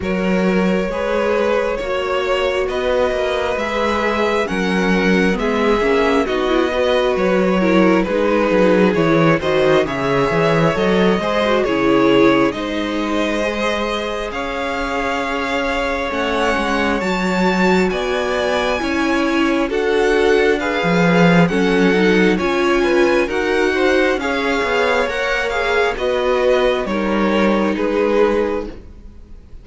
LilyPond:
<<
  \new Staff \with { instrumentName = "violin" } { \time 4/4 \tempo 4 = 67 cis''2. dis''4 | e''4 fis''4 e''4 dis''4 | cis''4 b'4 cis''8 dis''8 e''4 | dis''4 cis''4 dis''2 |
f''2 fis''4 a''4 | gis''2 fis''4 f''4 | fis''4 gis''4 fis''4 f''4 | fis''8 f''8 dis''4 cis''4 b'4 | }
  \new Staff \with { instrumentName = "violin" } { \time 4/4 ais'4 b'4 cis''4 b'4~ | b'4 ais'4 gis'4 fis'8 b'8~ | b'8 ais'8 gis'4. c''8 cis''4~ | cis''8 c''8 gis'4 c''2 |
cis''1 | d''4 cis''4 a'4 b'4 | a'4 cis''8 b'8 ais'8 c''8 cis''4~ | cis''4 b'4 ais'4 gis'4 | }
  \new Staff \with { instrumentName = "viola" } { \time 4/4 fis'4 gis'4 fis'2 | gis'4 cis'4 b8 cis'8 dis'16 e'16 fis'8~ | fis'8 e'8 dis'4 e'8 fis'8 gis'4 | a'8 gis'16 fis'16 e'4 dis'4 gis'4~ |
gis'2 cis'4 fis'4~ | fis'4 e'4 fis'4 gis'4 | cis'8 dis'8 f'4 fis'4 gis'4 | ais'8 gis'8 fis'4 dis'2 | }
  \new Staff \with { instrumentName = "cello" } { \time 4/4 fis4 gis4 ais4 b8 ais8 | gis4 fis4 gis8 ais8 b4 | fis4 gis8 fis8 e8 dis8 cis8 e8 | fis8 gis8 cis4 gis2 |
cis'2 a8 gis8 fis4 | b4 cis'4 d'4~ d'16 f8. | fis4 cis'4 dis'4 cis'8 b8 | ais4 b4 g4 gis4 | }
>>